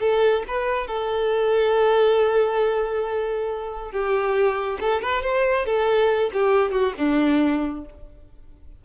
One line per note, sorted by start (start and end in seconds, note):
0.00 0.43 A4
0.48 0.87 B4
0.87 3.91 A4
3.92 4.79 G4
4.80 5.01 A4
5.01 5.23 B4
5.23 5.66 C5
5.66 6.31 A4
6.33 6.72 G4
6.72 6.93 F#4
6.98 7.85 D4